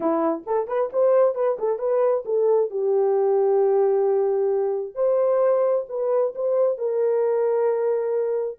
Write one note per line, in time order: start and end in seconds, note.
0.00 0.44 E4
0.46 0.67 A4
0.67 0.90 B4
0.92 1.35 C5
1.35 1.57 B4
1.59 1.78 A4
1.78 2.23 B4
2.25 2.70 A4
2.70 4.95 G4
4.95 5.85 C5
5.88 6.33 B4
6.35 6.78 C5
6.78 8.58 A#4